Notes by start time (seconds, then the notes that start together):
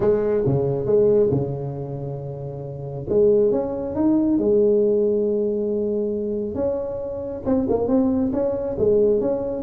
0.00 G#3
0.46 C#3
0.86 G#3
1.31 C#3
3.09 G#3
3.51 C#4
3.95 D#4
4.38 G#3
6.55 C#4
7.45 C4
7.69 A#3
7.87 C4
8.32 C#4
8.78 G#3
9.20 C#4